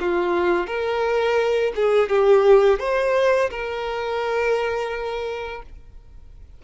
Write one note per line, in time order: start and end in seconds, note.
0.00 0.67 F4
0.67 1.73 A#4
1.76 2.09 G#4
2.09 2.79 G4
2.79 3.50 C5
3.50 5.62 A#4